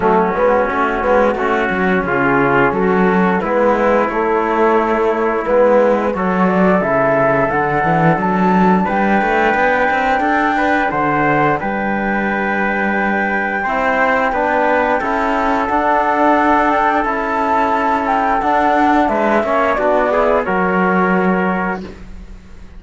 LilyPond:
<<
  \new Staff \with { instrumentName = "flute" } { \time 4/4 \tempo 4 = 88 fis'2. gis'4 | a'4 b'4 cis''2 | b'4 cis''8 d''8 e''4 fis''4 | a''4 g''2. |
fis''4 g''2.~ | g''2. fis''4~ | fis''8 g''8 a''4. g''8 fis''4 | e''4 d''4 cis''2 | }
  \new Staff \with { instrumentName = "trumpet" } { \time 4/4 cis'2 fis'4 f'4 | fis'4 e'2.~ | e'4 a'2.~ | a'4 b'2 a'8 b'8 |
c''4 b'2. | c''4 b'4 a'2~ | a'1 | b'8 cis''8 fis'8 gis'8 ais'2 | }
  \new Staff \with { instrumentName = "trombone" } { \time 4/4 a8 b8 cis'8 b8 cis'2~ | cis'4 b4 a2 | b4 fis'4 e'4 d'4~ | d'1~ |
d'1 | e'4 d'4 e'4 d'4~ | d'4 e'2 d'4~ | d'8 cis'8 d'8 e'8 fis'2 | }
  \new Staff \with { instrumentName = "cello" } { \time 4/4 fis8 gis8 a8 gis8 a8 fis8 cis4 | fis4 gis4 a2 | gis4 fis4 cis4 d8 e8 | fis4 g8 a8 b8 c'8 d'4 |
d4 g2. | c'4 b4 cis'4 d'4~ | d'4 cis'2 d'4 | gis8 ais8 b4 fis2 | }
>>